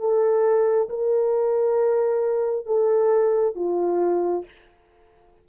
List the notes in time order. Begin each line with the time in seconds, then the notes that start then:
0.00 A4
0.90 A#4
2.67 A4
3.56 F4